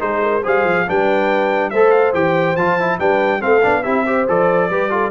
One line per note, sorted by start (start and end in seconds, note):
0.00 0.44 G#3
0.00 0.43 D#4
0.00 0.22 G#4
0.00 0.44 C5
0.22 0.43 A#4
0.43 0.65 G3
0.43 0.87 G#4
0.43 0.86 C5
0.43 0.90 F5
0.65 0.86 F3
0.88 1.73 G3
0.88 1.73 D4
0.88 1.72 B4
0.88 1.70 G5
1.70 2.14 A3
1.70 2.14 A4
1.70 2.99 C5
1.70 1.91 E5
1.91 2.12 F5
2.14 2.56 E3
2.14 2.56 G4
2.14 2.56 G5
2.56 2.99 F3
2.56 2.80 F4
2.56 2.99 A5
2.80 3.00 E4
2.99 3.43 G3
2.99 3.40 D4
2.99 3.40 B4
2.99 3.42 G5
3.40 3.65 A3
3.40 3.62 C4
3.40 3.83 A4
3.40 3.83 F5
3.63 3.86 B3
3.63 3.84 D4
3.83 4.28 C4
3.83 4.06 E4
3.83 4.05 G4
3.83 4.26 E5
4.07 4.28 G4
4.07 4.70 C5
4.28 4.70 F3
4.28 4.70 A4
4.28 5.11 D5
4.70 5.11 G3
4.70 4.90 G4
4.70 4.91 B4
4.90 5.11 F4
4.90 5.11 A4